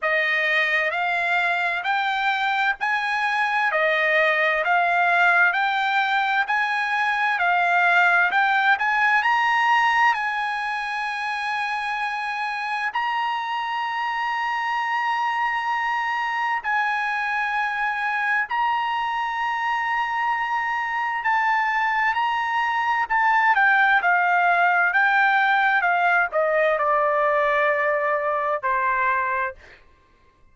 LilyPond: \new Staff \with { instrumentName = "trumpet" } { \time 4/4 \tempo 4 = 65 dis''4 f''4 g''4 gis''4 | dis''4 f''4 g''4 gis''4 | f''4 g''8 gis''8 ais''4 gis''4~ | gis''2 ais''2~ |
ais''2 gis''2 | ais''2. a''4 | ais''4 a''8 g''8 f''4 g''4 | f''8 dis''8 d''2 c''4 | }